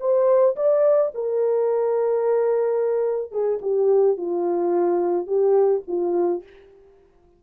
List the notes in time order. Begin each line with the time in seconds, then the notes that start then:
0.00 C5
0.56 D5
1.15 A#4
3.32 G#4
3.62 G4
4.17 F4
5.27 G4
5.88 F4